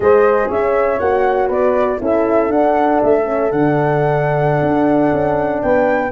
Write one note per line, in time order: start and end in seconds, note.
0.00 0.48 G#3
0.00 0.99 G#4
0.00 0.48 C5
0.00 0.49 D#5
0.48 0.99 C#4
0.48 1.48 C#5
0.48 0.99 E5
0.99 1.49 A#3
0.99 1.99 F#4
0.99 1.49 F#5
1.48 1.99 B3
1.48 1.98 B4
1.48 2.00 D5
1.99 2.49 C#4
1.99 2.48 E4
1.99 5.64 A4
1.99 2.51 E5
2.48 3.23 D4
2.48 2.99 D4
2.48 3.01 F#5
3.02 3.51 A3
3.02 3.51 E5
3.25 3.50 C#4
3.51 4.62 D3
3.51 6.12 D4
3.51 5.62 F#5
4.62 5.12 D4
5.12 5.62 C#4
5.62 6.12 B3
5.62 6.12 B4
5.62 6.12 G5